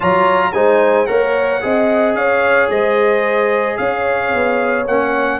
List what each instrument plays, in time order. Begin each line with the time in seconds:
0.00 tuba F#3, trombone F4, horn C#5, trumpet A#5
0.53 tuba G#3, trombone D#4, horn C5, trumpet G#5
1.06 tuba A#3, trombone A#4, horn C#5, trumpet F#5
1.61 tuba C4, trombone G#4, horn D#5
2.14 tuba C#4, horn C#5, trumpet F5
2.69 tuba G#3, horn C5, trumpet D#5
3.77 tuba C#4, horn C#5, trumpet F5
4.34 tuba B3
4.87 tuba A#3, trombone C#4, trumpet F#5